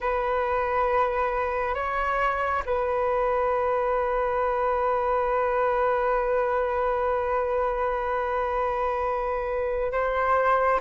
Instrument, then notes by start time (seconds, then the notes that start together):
flute
0.00 B4
1.74 C#5
2.65 B4
9.92 C5